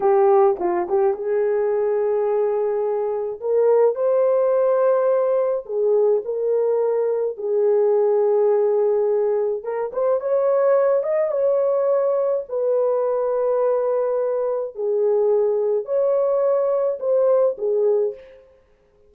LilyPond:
\new Staff \with { instrumentName = "horn" } { \time 4/4 \tempo 4 = 106 g'4 f'8 g'8 gis'2~ | gis'2 ais'4 c''4~ | c''2 gis'4 ais'4~ | ais'4 gis'2.~ |
gis'4 ais'8 c''8 cis''4. dis''8 | cis''2 b'2~ | b'2 gis'2 | cis''2 c''4 gis'4 | }